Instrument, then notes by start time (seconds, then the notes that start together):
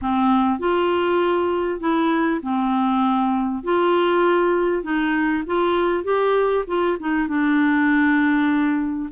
clarinet
0.01 C4
0.59 F4
1.80 E4
2.42 C4
3.63 F4
4.83 D#4
5.46 F4
6.04 G4
6.67 F4
6.99 D#4
7.28 D4